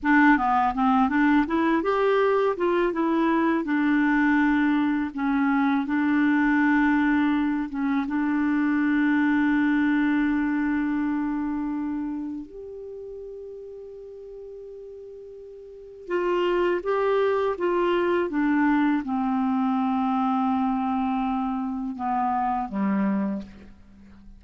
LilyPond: \new Staff \with { instrumentName = "clarinet" } { \time 4/4 \tempo 4 = 82 d'8 b8 c'8 d'8 e'8 g'4 f'8 | e'4 d'2 cis'4 | d'2~ d'8 cis'8 d'4~ | d'1~ |
d'4 g'2.~ | g'2 f'4 g'4 | f'4 d'4 c'2~ | c'2 b4 g4 | }